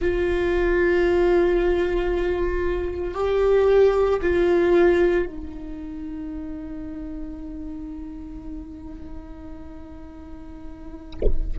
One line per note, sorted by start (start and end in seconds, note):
0.01 3.14 F4
3.14 4.19 G4
4.22 5.26 F4
5.26 11.57 D#4